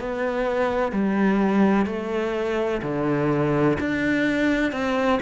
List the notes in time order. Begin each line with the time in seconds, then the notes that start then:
0.00 B3
0.93 G3
1.86 A3
2.83 D3
3.80 D4
4.72 C4